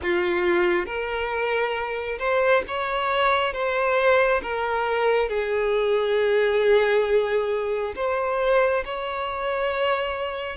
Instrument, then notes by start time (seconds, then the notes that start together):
violin
0.02 F4
0.86 A#4
2.18 C5
2.67 C#5
3.53 C5
4.42 A#4
5.29 G#4
7.95 C5
8.85 C#5